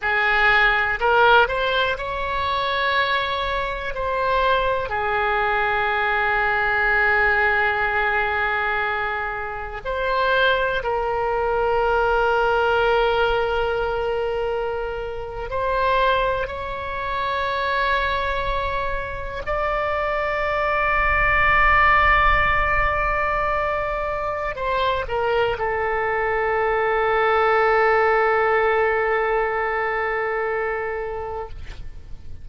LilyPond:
\new Staff \with { instrumentName = "oboe" } { \time 4/4 \tempo 4 = 61 gis'4 ais'8 c''8 cis''2 | c''4 gis'2.~ | gis'2 c''4 ais'4~ | ais'2.~ ais'8. c''16~ |
c''8. cis''2. d''16~ | d''1~ | d''4 c''8 ais'8 a'2~ | a'1 | }